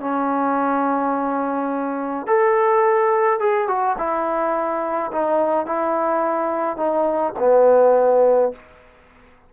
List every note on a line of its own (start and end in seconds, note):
0.00 2.26 C#4
2.27 3.40 A4
3.40 3.67 G#4
3.67 3.96 F#4
3.98 5.11 E4
5.12 5.66 D#4
5.66 6.76 E4
6.76 7.33 D#4
7.39 8.52 B3